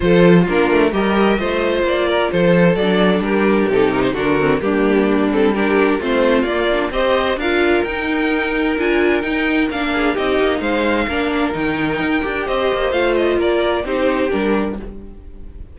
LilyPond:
<<
  \new Staff \with { instrumentName = "violin" } { \time 4/4 \tempo 4 = 130 c''4 ais'4 dis''2 | d''4 c''4 d''4 ais'4 | a'8 ais'16 c''16 ais'4 g'4. a'8 | ais'4 c''4 d''4 dis''4 |
f''4 g''2 gis''4 | g''4 f''4 dis''4 f''4~ | f''4 g''2 dis''4 | f''8 dis''8 d''4 c''4 ais'4 | }
  \new Staff \with { instrumentName = "violin" } { \time 4/4 a'4 f'4 ais'4 c''4~ | c''8 ais'8 a'2 g'4~ | g'4 fis'4 d'2 | g'4 f'2 c''4 |
ais'1~ | ais'4. gis'8 g'4 c''4 | ais'2. c''4~ | c''4 ais'4 g'2 | }
  \new Staff \with { instrumentName = "viola" } { \time 4/4 f'4 d'4 g'4 f'4~ | f'2 d'2 | dis'4 d'8 c'8 ais4. c'8 | d'4 c'4 ais8 d'8 g'4 |
f'4 dis'2 f'4 | dis'4 d'4 dis'2 | d'4 dis'4. g'4. | f'2 dis'4 d'4 | }
  \new Staff \with { instrumentName = "cello" } { \time 4/4 f4 ais8 a8 g4 a4 | ais4 f4 fis4 g4 | c4 d4 g2~ | g4 a4 ais4 c'4 |
d'4 dis'2 d'4 | dis'4 ais4 c'8 ais8 gis4 | ais4 dis4 dis'8 d'8 c'8 ais8 | a4 ais4 c'4 g4 | }
>>